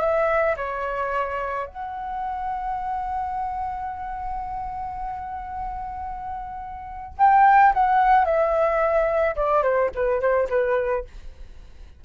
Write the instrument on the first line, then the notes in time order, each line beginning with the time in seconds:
flute
0.00 E5
0.56 C#5
1.66 F#5
7.17 G5
7.73 F#5
8.25 E5
9.35 D5
9.62 C5
9.94 B4
10.20 C5
10.49 B4